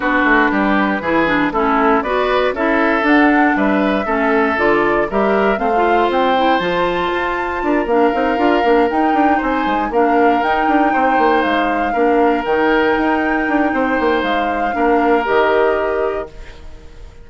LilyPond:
<<
  \new Staff \with { instrumentName = "flute" } { \time 4/4 \tempo 4 = 118 b'2. a'4 | d''4 e''4 fis''4 e''4~ | e''4 d''4 e''4 f''4 | g''4 a''2~ a''8 f''8~ |
f''4. g''4 gis''4 f''8~ | f''8 g''2 f''4.~ | f''8 g''2.~ g''8 | f''2 dis''2 | }
  \new Staff \with { instrumentName = "oboe" } { \time 4/4 fis'4 g'4 gis'4 e'4 | b'4 a'2 b'4 | a'2 ais'4 c''4~ | c''2. ais'4~ |
ais'2~ ais'8 c''4 ais'8~ | ais'4. c''2 ais'8~ | ais'2. c''4~ | c''4 ais'2. | }
  \new Staff \with { instrumentName = "clarinet" } { \time 4/4 d'2 e'8 d'8 cis'4 | fis'4 e'4 d'2 | cis'4 f'4 g'4 c'16 f'8.~ | f'8 e'8 f'2~ f'8 d'8 |
dis'8 f'8 d'8 dis'2 d'8~ | d'8 dis'2. d'8~ | d'8 dis'2.~ dis'8~ | dis'4 d'4 g'2 | }
  \new Staff \with { instrumentName = "bassoon" } { \time 4/4 b8 a8 g4 e4 a4 | b4 cis'4 d'4 g4 | a4 d4 g4 a4 | c'4 f4 f'4 d'8 ais8 |
c'8 d'8 ais8 dis'8 d'8 c'8 gis8 ais8~ | ais8 dis'8 d'8 c'8 ais8 gis4 ais8~ | ais8 dis4 dis'4 d'8 c'8 ais8 | gis4 ais4 dis2 | }
>>